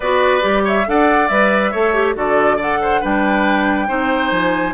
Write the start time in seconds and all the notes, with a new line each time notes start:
0.00 B3 F#4 B4 D5
0.40 G3 G4
0.64 C#5 E5
0.86 D4 A4 D5 F#5
1.28 G3 B4 E5
1.71 A3 A4 C#5
1.94 G4
2.15 D3 F#4 A4 D5
2.56 A4 D5 F#5
2.81 C5
3.00 G3 D4 B4 G5
3.87 C4 D#4 C5
4.30 F3 G#5